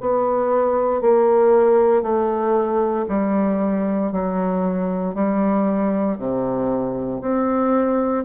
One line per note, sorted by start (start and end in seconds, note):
0.00 1.01 B3
1.01 2.02 A#3
2.02 3.05 A3
3.08 4.11 G3
4.11 5.14 F#3
5.14 6.17 G3
6.18 7.21 C3
7.21 8.24 C4